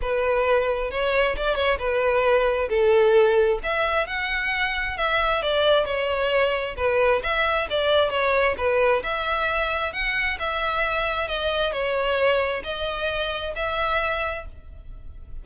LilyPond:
\new Staff \with { instrumentName = "violin" } { \time 4/4 \tempo 4 = 133 b'2 cis''4 d''8 cis''8 | b'2 a'2 | e''4 fis''2 e''4 | d''4 cis''2 b'4 |
e''4 d''4 cis''4 b'4 | e''2 fis''4 e''4~ | e''4 dis''4 cis''2 | dis''2 e''2 | }